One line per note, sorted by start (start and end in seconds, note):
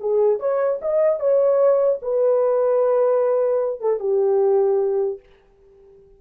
0.00 0.39 G#4
0.39 0.79 C#5
0.82 1.20 D#5
1.20 2.00 C#5
2.02 3.81 B4
3.81 4.00 A4
4.00 5.20 G4